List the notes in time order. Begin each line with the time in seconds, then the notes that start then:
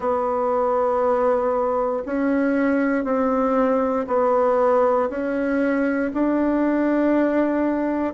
0.00 B3
2.05 C#4
3.04 C4
4.07 B3
5.09 C#4
6.13 D4